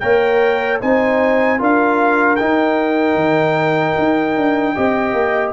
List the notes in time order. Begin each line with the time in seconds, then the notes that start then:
0.00 A#3 A#4 C#5 G5
0.81 C4 D#4 C5 G#5
1.58 D4 F4 A#4 F5
2.36 D#4 G5
3.15 D#3
3.99 D#4
4.37 D4
4.75 C4 G4 D#5
5.13 A#3